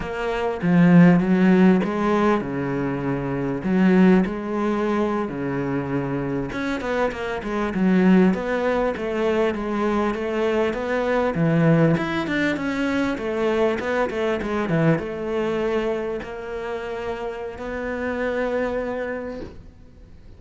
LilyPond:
\new Staff \with { instrumentName = "cello" } { \time 4/4 \tempo 4 = 99 ais4 f4 fis4 gis4 | cis2 fis4 gis4~ | gis8. cis2 cis'8 b8 ais16~ | ais16 gis8 fis4 b4 a4 gis16~ |
gis8. a4 b4 e4 e'16~ | e'16 d'8 cis'4 a4 b8 a8 gis16~ | gis16 e8 a2 ais4~ ais16~ | ais4 b2. | }